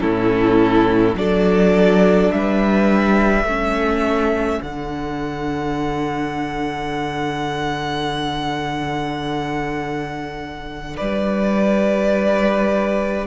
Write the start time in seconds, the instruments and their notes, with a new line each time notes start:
0.00 cello A2, viola C#4, violin E4 A4
1.15 cello F#3, viola D4, violin A4 D5
2.31 cello G3, violin B4 E5
3.44 cello A3, viola C#4, violin A4
4.62 cello D3, viola D4, violin F#5
10.96 cello G3, violin B4 D5